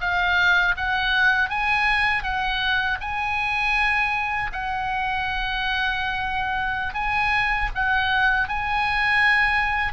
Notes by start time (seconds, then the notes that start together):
0.00 F5
0.76 F#5
1.49 G#5
2.23 F#5
3.00 G#5
4.52 F#5
6.94 G#5
7.74 F#5
8.48 G#5